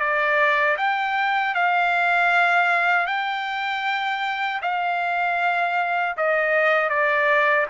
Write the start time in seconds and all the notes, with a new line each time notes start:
0.00 D5
0.78 G5
1.55 F5
3.07 G5
4.62 F5
6.17 D#5
6.90 D5